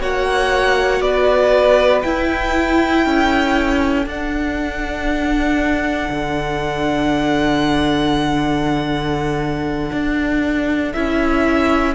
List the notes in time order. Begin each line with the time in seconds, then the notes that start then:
0.00 A#3 F#4 C#5 F#5
1.01 B3 B4 D5
2.02 E4 G5
3.05 C#4 A4
4.06 D4 F#5
6.09 D3
9.92 D4
10.92 C#4 E4 E5